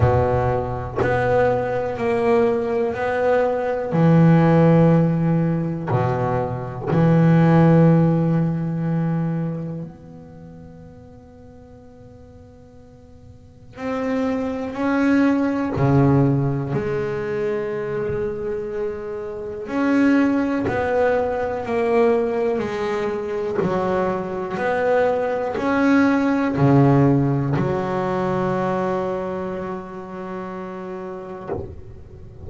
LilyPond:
\new Staff \with { instrumentName = "double bass" } { \time 4/4 \tempo 4 = 61 b,4 b4 ais4 b4 | e2 b,4 e4~ | e2 b2~ | b2 c'4 cis'4 |
cis4 gis2. | cis'4 b4 ais4 gis4 | fis4 b4 cis'4 cis4 | fis1 | }